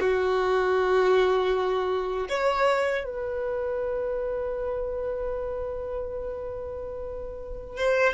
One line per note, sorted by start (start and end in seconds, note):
0.00 2.28 F#4
2.29 3.04 C#5
3.04 7.77 B4
7.77 8.14 C5